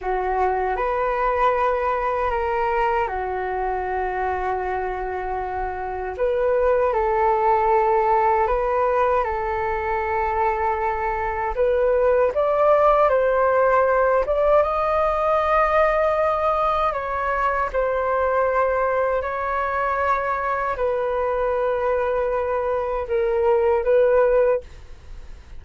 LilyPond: \new Staff \with { instrumentName = "flute" } { \time 4/4 \tempo 4 = 78 fis'4 b'2 ais'4 | fis'1 | b'4 a'2 b'4 | a'2. b'4 |
d''4 c''4. d''8 dis''4~ | dis''2 cis''4 c''4~ | c''4 cis''2 b'4~ | b'2 ais'4 b'4 | }